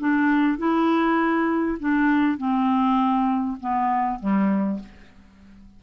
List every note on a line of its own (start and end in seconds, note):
0.00 0.59 D4
0.59 1.79 E4
1.80 2.38 D4
2.38 3.58 C4
3.61 4.20 B3
4.20 4.80 G3